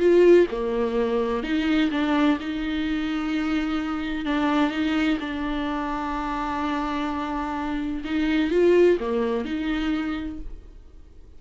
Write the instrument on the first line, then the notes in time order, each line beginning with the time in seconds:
viola
0.00 F4
0.51 A#3
1.44 D#4
1.92 D4
2.41 D#4
4.26 D4
4.71 D#4
5.21 D4
8.05 D#4
8.51 F4
9.00 A#3
9.45 D#4